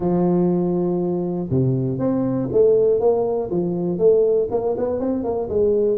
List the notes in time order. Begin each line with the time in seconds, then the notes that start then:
0.00 F3
1.50 C3
1.99 C4
2.52 A3
3.00 A#3
3.50 F3
3.98 A3
4.50 A#3
4.77 B3
5.00 C4
5.24 A#3
5.49 G#3